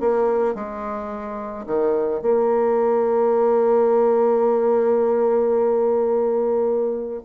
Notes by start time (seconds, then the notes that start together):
0.00 A#3
0.55 G#3
1.66 D#3
2.21 A#3